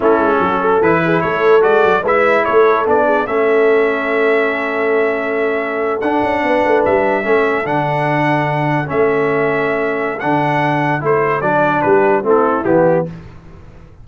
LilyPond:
<<
  \new Staff \with { instrumentName = "trumpet" } { \time 4/4 \tempo 4 = 147 a'2 b'4 cis''4 | d''4 e''4 cis''4 d''4 | e''1~ | e''2~ e''8. fis''4~ fis''16~ |
fis''8. e''2 fis''4~ fis''16~ | fis''4.~ fis''16 e''2~ e''16~ | e''4 fis''2 c''4 | d''4 b'4 a'4 g'4 | }
  \new Staff \with { instrumentName = "horn" } { \time 4/4 e'4 fis'8 a'4 gis'8 a'4~ | a'4 b'4 a'4. gis'8 | a'1~ | a'2.~ a'8. b'16~ |
b'4.~ b'16 a'2~ a'16~ | a'1~ | a'1~ | a'4 g'4 e'2 | }
  \new Staff \with { instrumentName = "trombone" } { \time 4/4 cis'2 e'2 | fis'4 e'2 d'4 | cis'1~ | cis'2~ cis'8. d'4~ d'16~ |
d'4.~ d'16 cis'4 d'4~ d'16~ | d'4.~ d'16 cis'2~ cis'16~ | cis'4 d'2 e'4 | d'2 c'4 b4 | }
  \new Staff \with { instrumentName = "tuba" } { \time 4/4 a8 gis8 fis4 e4 a4 | gis8 fis8 gis4 a4 b4 | a1~ | a2~ a8. d'8 cis'8 b16~ |
b16 a8 g4 a4 d4~ d16~ | d4.~ d16 a2~ a16~ | a4 d2 a4 | fis4 g4 a4 e4 | }
>>